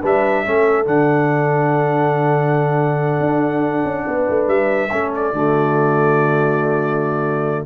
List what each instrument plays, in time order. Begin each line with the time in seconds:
0.00 tuba G3, trombone D4, horn B4, trumpet E5
0.43 tuba A3, trombone C#4, horn A4
0.85 tuba D3, trombone D4, trumpet F#5
3.20 tuba D4
3.84 tuba C#4
4.07 tuba B3, horn B4
4.29 tuba A3
4.47 tuba G3, trumpet E5
4.90 tuba A3, trombone C#4, horn A4
5.15 trumpet D5
5.32 tuba D3, trombone A3, horn F#4